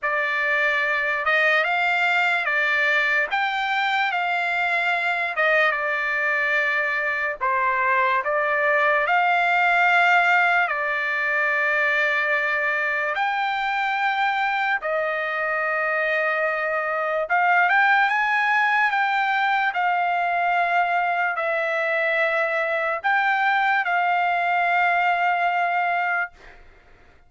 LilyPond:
\new Staff \with { instrumentName = "trumpet" } { \time 4/4 \tempo 4 = 73 d''4. dis''8 f''4 d''4 | g''4 f''4. dis''8 d''4~ | d''4 c''4 d''4 f''4~ | f''4 d''2. |
g''2 dis''2~ | dis''4 f''8 g''8 gis''4 g''4 | f''2 e''2 | g''4 f''2. | }